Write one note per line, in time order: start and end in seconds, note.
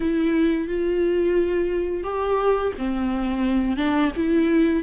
0.00 0.67 E4
0.67 2.03 F4
2.03 2.72 G4
2.77 3.76 C4
3.76 4.11 D4
4.16 4.83 E4